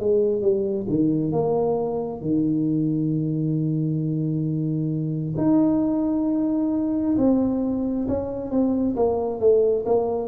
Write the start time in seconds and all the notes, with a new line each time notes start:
0.00 G#3
0.42 G3
0.89 D#3
1.32 A#3
2.21 D#3
5.38 D#4
7.18 C4
8.08 C#4
8.51 C4
8.96 A#3
9.40 A3
9.86 A#3